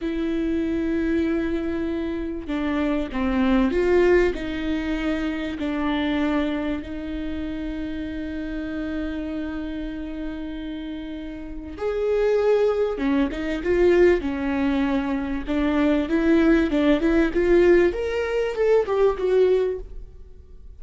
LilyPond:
\new Staff \with { instrumentName = "viola" } { \time 4/4 \tempo 4 = 97 e'1 | d'4 c'4 f'4 dis'4~ | dis'4 d'2 dis'4~ | dis'1~ |
dis'2. gis'4~ | gis'4 cis'8 dis'8 f'4 cis'4~ | cis'4 d'4 e'4 d'8 e'8 | f'4 ais'4 a'8 g'8 fis'4 | }